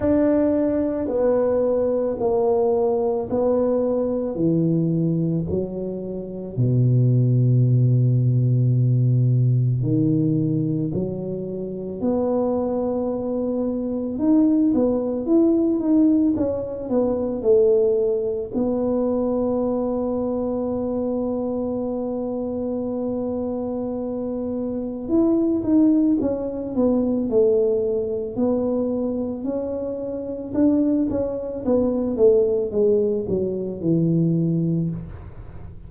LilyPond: \new Staff \with { instrumentName = "tuba" } { \time 4/4 \tempo 4 = 55 d'4 b4 ais4 b4 | e4 fis4 b,2~ | b,4 dis4 fis4 b4~ | b4 dis'8 b8 e'8 dis'8 cis'8 b8 |
a4 b2.~ | b2. e'8 dis'8 | cis'8 b8 a4 b4 cis'4 | d'8 cis'8 b8 a8 gis8 fis8 e4 | }